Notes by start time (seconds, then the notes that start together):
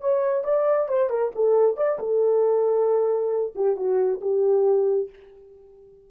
0.00 C#5
0.44 D5
0.88 C5
1.09 A#4
1.35 A4
1.76 D5
1.99 A4
3.55 G4
3.76 F#4
4.21 G4